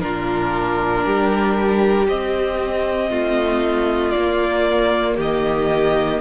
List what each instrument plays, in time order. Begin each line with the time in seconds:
0.00 cello A#2, viola D4, violin F4 A#4
1.05 cello G3, violin G4
2.08 cello C4, viola C4, violin D#5
3.10 cello A3, violin F4
4.11 cello A#3, viola A#3, violin D5
5.17 cello D#3, violin G4 D#5